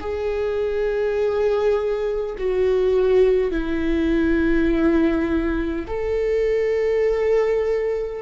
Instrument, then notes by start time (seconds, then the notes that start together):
viola
0.00 G#4
2.37 F#4
3.51 E4
5.87 A4